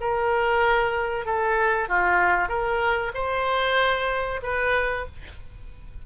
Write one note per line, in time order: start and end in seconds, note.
0.00 1.25 A#4
1.25 1.88 A4
1.88 2.48 F4
2.48 3.11 A#4
3.14 4.40 C5
4.42 5.05 B4